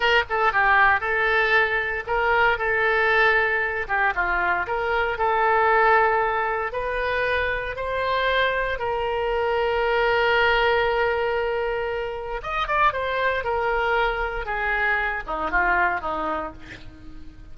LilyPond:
\new Staff \with { instrumentName = "oboe" } { \time 4/4 \tempo 4 = 116 ais'8 a'8 g'4 a'2 | ais'4 a'2~ a'8 g'8 | f'4 ais'4 a'2~ | a'4 b'2 c''4~ |
c''4 ais'2.~ | ais'1 | dis''8 d''8 c''4 ais'2 | gis'4. dis'8 f'4 dis'4 | }